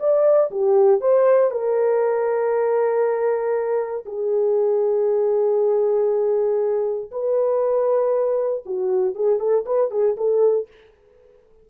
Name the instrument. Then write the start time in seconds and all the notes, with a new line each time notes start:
horn
0.00 D5
0.51 G4
1.01 C5
1.51 A#4
4.06 G#4
7.12 B4
8.66 F#4
9.15 G#4
9.40 A4
9.66 B4
9.91 G#4
10.17 A4